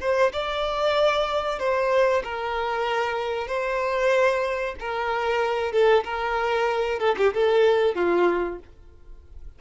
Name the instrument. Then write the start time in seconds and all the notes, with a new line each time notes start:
violin
0.00 C5
0.32 D5
1.59 C5
2.23 A#4
3.47 C5
4.80 A#4
5.72 A4
6.04 A#4
6.99 A4
7.17 G4
7.33 A4
7.95 F4